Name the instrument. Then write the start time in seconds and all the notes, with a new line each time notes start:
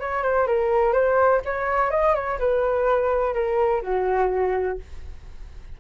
flute
0.00 C#5
0.23 C5
0.47 A#4
0.93 C5
1.45 C#5
1.90 D#5
2.14 C#5
2.39 B4
3.34 A#4
3.82 F#4